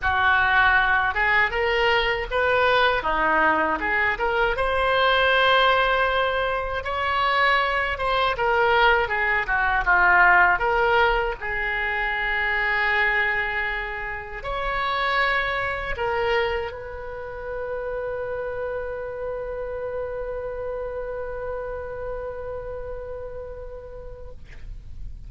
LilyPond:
\new Staff \with { instrumentName = "oboe" } { \time 4/4 \tempo 4 = 79 fis'4. gis'8 ais'4 b'4 | dis'4 gis'8 ais'8 c''2~ | c''4 cis''4. c''8 ais'4 | gis'8 fis'8 f'4 ais'4 gis'4~ |
gis'2. cis''4~ | cis''4 ais'4 b'2~ | b'1~ | b'1 | }